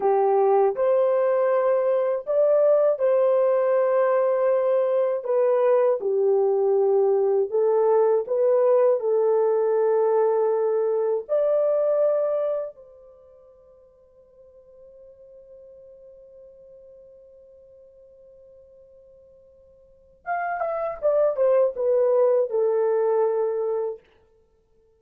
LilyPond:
\new Staff \with { instrumentName = "horn" } { \time 4/4 \tempo 4 = 80 g'4 c''2 d''4 | c''2. b'4 | g'2 a'4 b'4 | a'2. d''4~ |
d''4 c''2.~ | c''1~ | c''2. f''8 e''8 | d''8 c''8 b'4 a'2 | }